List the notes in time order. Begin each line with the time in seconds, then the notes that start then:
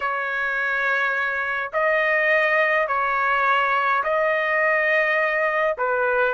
0.00 C#5
1.73 D#5
2.87 C#5
4.03 D#5
5.77 B4